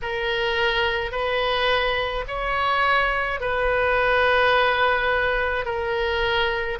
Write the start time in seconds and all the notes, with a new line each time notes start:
0.02 A#4
1.11 B4
2.27 C#5
3.40 B4
5.65 A#4